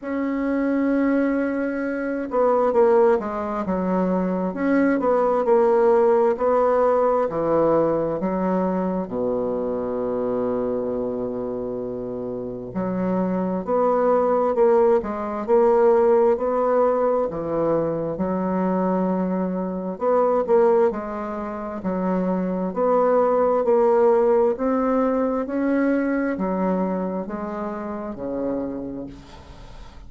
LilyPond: \new Staff \with { instrumentName = "bassoon" } { \time 4/4 \tempo 4 = 66 cis'2~ cis'8 b8 ais8 gis8 | fis4 cis'8 b8 ais4 b4 | e4 fis4 b,2~ | b,2 fis4 b4 |
ais8 gis8 ais4 b4 e4 | fis2 b8 ais8 gis4 | fis4 b4 ais4 c'4 | cis'4 fis4 gis4 cis4 | }